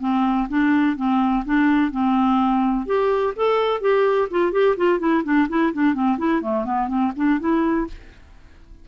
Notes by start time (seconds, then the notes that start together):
0.00 C4
0.48 D4
0.96 C4
1.45 D4
1.91 C4
2.85 G4
3.36 A4
3.81 G4
4.30 F4
4.52 G4
4.77 F4
4.99 E4
5.24 D4
5.48 E4
5.73 D4
5.94 C4
6.18 E4
6.41 A3
6.65 B3
6.88 C4
7.16 D4
7.39 E4